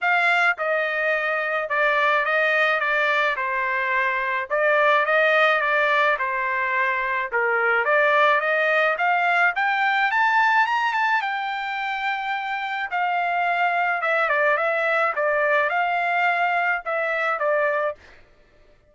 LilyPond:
\new Staff \with { instrumentName = "trumpet" } { \time 4/4 \tempo 4 = 107 f''4 dis''2 d''4 | dis''4 d''4 c''2 | d''4 dis''4 d''4 c''4~ | c''4 ais'4 d''4 dis''4 |
f''4 g''4 a''4 ais''8 a''8 | g''2. f''4~ | f''4 e''8 d''8 e''4 d''4 | f''2 e''4 d''4 | }